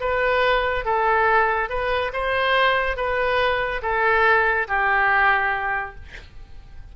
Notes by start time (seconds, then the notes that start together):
0.00 B4
0.85 A4
1.69 B4
2.13 C5
2.96 B4
3.82 A4
4.67 G4